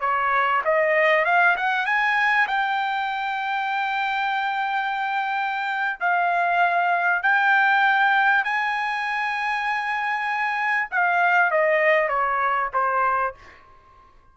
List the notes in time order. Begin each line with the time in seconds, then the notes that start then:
0.00 C#5
0.64 D#5
1.25 F5
1.56 F#5
1.85 G#5
2.47 G5
6.00 F5
7.22 G5
8.44 G#5
10.91 F5
11.50 D#5
12.08 C#5
12.73 C5